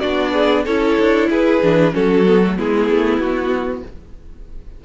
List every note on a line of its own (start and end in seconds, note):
0.00 0.67 B3
0.00 0.66 D4
0.00 0.32 F#4
0.00 0.64 D5
0.33 0.65 G#4
0.65 0.99 C#4
0.65 1.62 E4
0.65 1.29 A4
0.65 1.30 C#5
0.99 1.30 D4
1.30 1.62 E4
1.30 1.94 G#4
1.30 1.95 B4
1.62 1.95 E3
1.62 1.92 D4
1.92 2.59 F#3
1.92 2.24 C#4
1.92 2.57 F#4
1.92 2.59 A4
2.27 2.43 B3
2.44 2.57 A3
2.57 2.89 G#3
2.57 3.84 B3
2.57 3.85 E4
2.57 3.20 G#4
2.89 3.18 A3
3.18 3.82 B3
3.18 3.84 F#4